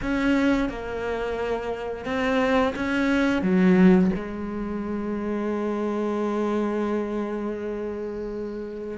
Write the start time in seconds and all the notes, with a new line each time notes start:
0.02 C#4
0.69 A#3
2.05 C4
2.75 C#4
3.41 F#3
4.15 G#3